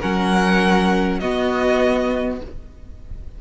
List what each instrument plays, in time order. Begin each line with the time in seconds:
0.00 cello F#3, viola C#4, violin A#4 F#5
1.20 cello B3, viola B3, violin F#4 D#5